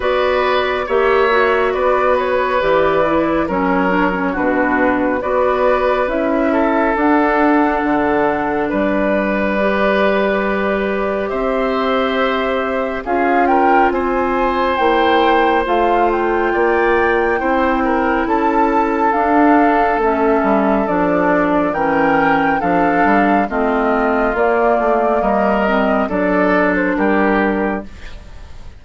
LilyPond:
<<
  \new Staff \with { instrumentName = "flute" } { \time 4/4 \tempo 4 = 69 d''4 e''4 d''8 cis''8 d''4 | cis''4 b'4 d''4 e''4 | fis''2 d''2~ | d''4 e''2 f''8 g''8 |
gis''4 g''4 f''8 g''4.~ | g''4 a''4 f''4 e''4 | d''4 g''4 f''4 dis''4 | d''4 dis''4 d''8. c''16 ais'4 | }
  \new Staff \with { instrumentName = "oboe" } { \time 4/4 b'4 cis''4 b'2 | ais'4 fis'4 b'4. a'8~ | a'2 b'2~ | b'4 c''2 gis'8 ais'8 |
c''2. d''4 | c''8 ais'8 a'2.~ | a'4 ais'4 a'4 f'4~ | f'4 ais'4 a'4 g'4 | }
  \new Staff \with { instrumentName = "clarinet" } { \time 4/4 fis'4 g'8 fis'4. g'8 e'8 | cis'8 d'16 cis'16 d'4 fis'4 e'4 | d'2. g'4~ | g'2. f'4~ |
f'4 e'4 f'2 | e'2 d'4 cis'4 | d'4 cis'4 d'4 c'4 | ais4. c'8 d'2 | }
  \new Staff \with { instrumentName = "bassoon" } { \time 4/4 b4 ais4 b4 e4 | fis4 b,4 b4 cis'4 | d'4 d4 g2~ | g4 c'2 cis'4 |
c'4 ais4 a4 ais4 | c'4 cis'4 d'4 a8 g8 | f4 e4 f8 g8 a4 | ais8 a8 g4 fis4 g4 | }
>>